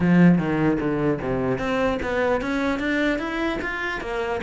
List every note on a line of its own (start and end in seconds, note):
0.00 0.38 F3
0.38 0.78 D#3
0.79 1.19 D3
1.21 1.58 C3
1.58 1.98 C4
2.02 2.41 B3
2.41 2.79 C#4
2.79 3.19 D4
3.19 3.59 E4
3.61 4.01 F4
4.01 4.41 A#3